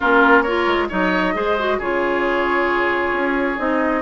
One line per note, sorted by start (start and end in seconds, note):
0.00 0.67 A#3
0.00 0.45 C#4
0.00 0.42 F4
0.00 0.42 A#4
0.42 0.89 F4
0.42 0.87 A#4
0.42 0.87 C#5
0.67 0.89 G#3
0.89 1.34 F#3
0.89 1.34 D#4
0.89 1.33 C#5
0.89 1.80 D#5
1.34 1.79 G#3
1.34 1.56 G#4
1.34 1.78 C5
1.58 1.81 F#4
1.78 3.12 C#3
1.78 3.57 F4
1.78 4.01 G#4
1.78 3.58 C#5
3.12 3.57 C#4
3.57 4.01 C4
3.57 4.01 D#4
3.57 4.01 D#5